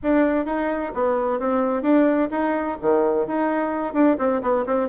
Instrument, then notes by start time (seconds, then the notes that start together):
bassoon
0.03 D4
0.45 D#4
0.94 B3
1.39 C4
1.82 D4
2.30 D#4
2.81 D#3
3.26 D#4
3.93 D4
4.18 C4
4.41 B3
4.66 C4